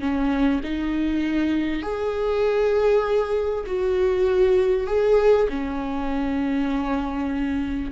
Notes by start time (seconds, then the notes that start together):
0.00 C#4
0.64 D#4
1.82 G#4
3.67 F#4
4.87 G#4
5.49 C#4